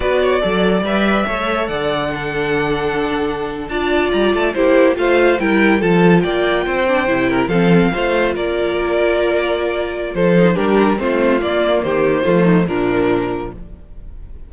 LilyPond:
<<
  \new Staff \with { instrumentName = "violin" } { \time 4/4 \tempo 4 = 142 d''2 e''2 | fis''1~ | fis''8. a''4 ais''8 a''8 c''4 f''16~ | f''8. g''4 a''4 g''4~ g''16~ |
g''4.~ g''16 f''2 d''16~ | d''1 | c''4 ais'4 c''4 d''4 | c''2 ais'2 | }
  \new Staff \with { instrumentName = "violin" } { \time 4/4 b'8 cis''8 d''2 cis''4 | d''4 a'2.~ | a'8. d''2 g'4 c''16~ | c''8. ais'4 a'4 d''4 c''16~ |
c''4~ c''16 ais'8 a'4 c''4 ais'16~ | ais'1 | a'4 g'4 f'2 | g'4 f'8 dis'8 d'2 | }
  \new Staff \with { instrumentName = "viola" } { \time 4/4 fis'4 a'4 b'4 a'4~ | a'4 d'2.~ | d'8. f'2 e'4 f'16~ | f'8. e'4 f'2~ f'16~ |
f'16 d'8 e'4 c'4 f'4~ f'16~ | f'1~ | f'8 dis'8 d'4 c'4 ais4~ | ais4 a4 f2 | }
  \new Staff \with { instrumentName = "cello" } { \time 4/4 b4 fis4 g4 a4 | d1~ | d8. d'4 g8 a8 ais4 a16~ | a8. g4 f4 ais4 c'16~ |
c'8. c4 f4 a4 ais16~ | ais1 | f4 g4 a4 ais4 | dis4 f4 ais,2 | }
>>